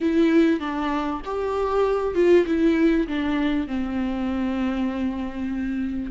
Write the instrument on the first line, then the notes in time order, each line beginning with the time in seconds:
viola
0.00 E4
0.60 D4
1.24 G4
2.14 F4
2.46 E4
3.08 D4
3.67 C4